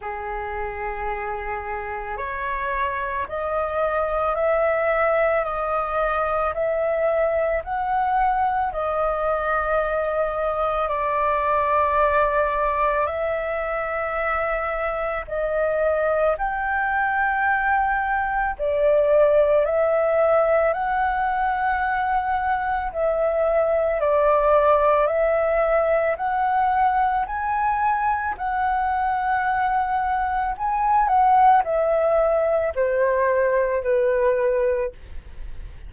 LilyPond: \new Staff \with { instrumentName = "flute" } { \time 4/4 \tempo 4 = 55 gis'2 cis''4 dis''4 | e''4 dis''4 e''4 fis''4 | dis''2 d''2 | e''2 dis''4 g''4~ |
g''4 d''4 e''4 fis''4~ | fis''4 e''4 d''4 e''4 | fis''4 gis''4 fis''2 | gis''8 fis''8 e''4 c''4 b'4 | }